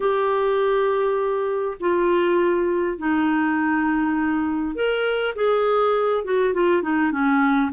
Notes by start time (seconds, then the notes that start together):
0.00 G4
1.80 F4
2.98 D#4
4.75 A#4
5.35 G#4
6.24 F#4
6.53 F4
6.82 D#4
7.11 C#4